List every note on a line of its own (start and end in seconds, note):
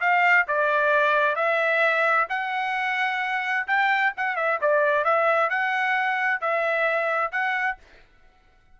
0.00 0.46 F5
0.47 1.36 D5
1.36 2.27 E5
2.29 3.67 F#5
3.67 4.13 G5
4.17 4.36 F#5
4.36 4.59 E5
4.61 5.04 D5
5.04 5.50 E5
5.50 6.41 F#5
6.41 7.32 E5
7.32 7.77 F#5